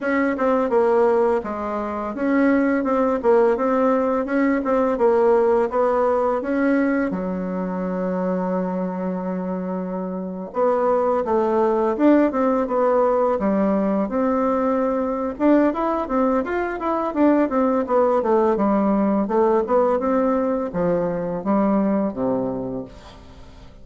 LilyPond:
\new Staff \with { instrumentName = "bassoon" } { \time 4/4 \tempo 4 = 84 cis'8 c'8 ais4 gis4 cis'4 | c'8 ais8 c'4 cis'8 c'8 ais4 | b4 cis'4 fis2~ | fis2~ fis8. b4 a16~ |
a8. d'8 c'8 b4 g4 c'16~ | c'4. d'8 e'8 c'8 f'8 e'8 | d'8 c'8 b8 a8 g4 a8 b8 | c'4 f4 g4 c4 | }